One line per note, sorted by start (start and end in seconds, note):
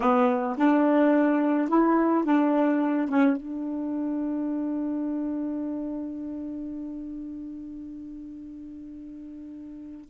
0.00 0.56 B3
0.57 1.68 D4
1.68 2.24 E4
2.24 3.08 D4
3.08 3.36 C#4
3.36 10.09 D4